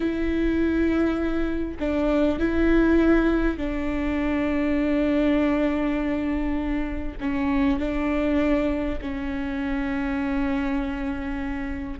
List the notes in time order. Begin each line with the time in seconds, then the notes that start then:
0.00 E4
1.79 D4
2.39 E4
3.57 D4
7.20 C#4
7.79 D4
9.01 C#4